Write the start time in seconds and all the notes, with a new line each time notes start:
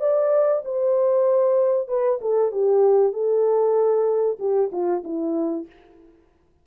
0.00 D5
0.65 C5
1.88 B4
2.21 A4
2.52 G4
3.12 A4
4.39 G4
4.72 F4
5.04 E4